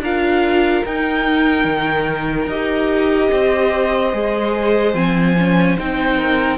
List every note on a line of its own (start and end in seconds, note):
0.00 0.82 D4
0.00 0.86 F4
0.00 3.31 A#4
0.00 0.86 F5
0.86 1.65 D#4
0.86 2.51 D#4
0.86 2.50 G5
1.65 2.47 D#3
2.47 3.29 D#4
2.47 4.12 G4
2.47 4.95 D#5
3.32 4.13 C4
3.32 6.18 C5
4.12 4.95 G#3
4.12 4.94 G#4
4.94 5.77 F3
4.94 5.35 C4
4.94 5.77 G#5
5.38 5.78 C#4
5.78 6.58 C4
5.78 6.58 D#4
5.78 6.58 G5
6.18 6.58 A#4